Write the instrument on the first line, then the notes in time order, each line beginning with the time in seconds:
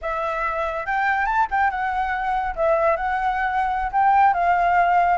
flute
0.01 E5
0.86 G5
1.25 A5
1.50 G5
1.70 F#5
2.55 E5
2.96 F#5
3.92 G5
4.33 F5